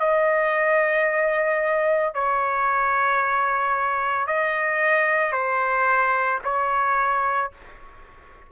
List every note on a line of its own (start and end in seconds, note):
0.00 2.14 D#5
2.14 4.27 C#5
4.27 5.32 D#5
5.32 6.39 C5
6.44 7.51 C#5